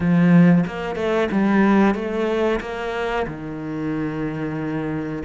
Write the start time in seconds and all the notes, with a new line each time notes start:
0.00 F3
0.67 A#3
0.95 A3
1.31 G3
1.94 A3
2.60 A#3
3.27 D#3